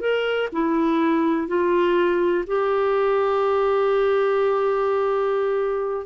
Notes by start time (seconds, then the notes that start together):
0.00 A#4
0.52 E4
1.47 F4
2.47 G4